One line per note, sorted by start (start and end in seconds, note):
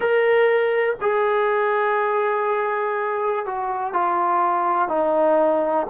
0.00 0.96 A#4
1.01 3.45 G#4
3.45 3.93 F#4
3.93 4.88 F4
4.88 5.87 D#4